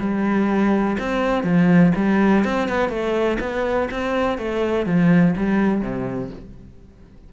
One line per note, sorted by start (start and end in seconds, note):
0.00 0.98 G3
1.00 1.44 C4
1.44 1.93 F3
1.96 2.45 G3
2.45 2.69 C4
2.69 2.89 B3
2.89 3.38 A3
3.40 3.89 B3
3.91 4.38 C4
4.38 4.86 A3
4.86 5.35 F3
5.37 5.82 G3
5.82 6.30 C3